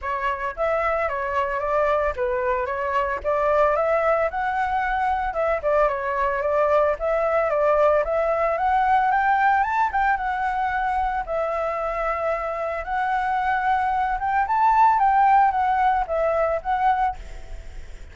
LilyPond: \new Staff \with { instrumentName = "flute" } { \time 4/4 \tempo 4 = 112 cis''4 e''4 cis''4 d''4 | b'4 cis''4 d''4 e''4 | fis''2 e''8 d''8 cis''4 | d''4 e''4 d''4 e''4 |
fis''4 g''4 a''8 g''8 fis''4~ | fis''4 e''2. | fis''2~ fis''8 g''8 a''4 | g''4 fis''4 e''4 fis''4 | }